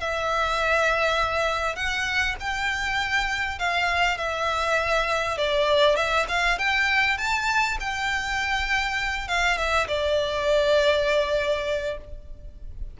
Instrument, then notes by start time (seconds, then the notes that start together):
violin
0.00 E5
1.76 F#5
2.40 G5
3.59 F5
4.17 E5
5.38 D5
5.96 E5
6.28 F5
6.58 G5
7.17 A5
7.80 G5
9.28 F5
9.57 E5
9.88 D5